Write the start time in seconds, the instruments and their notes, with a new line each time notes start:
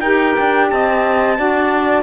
0.00 cello D#4, saxophone G4 A#4, trumpet G5
0.39 cello D4
0.70 cello C4, saxophone D#5, trumpet A5
1.36 cello D4, saxophone F#4 D5